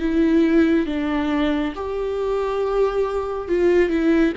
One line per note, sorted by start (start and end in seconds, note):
0.00 0.87 E4
0.87 1.74 D4
1.75 3.48 G4
3.48 3.90 F4
3.90 4.33 E4